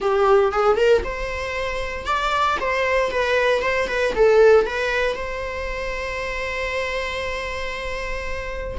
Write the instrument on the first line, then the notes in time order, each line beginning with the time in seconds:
viola
0.00 G4
0.51 G#4
0.76 A#4
1.04 C5
2.05 D5
2.60 C5
3.11 B4
3.62 C5
3.87 B4
4.15 A4
4.66 B4
5.15 C5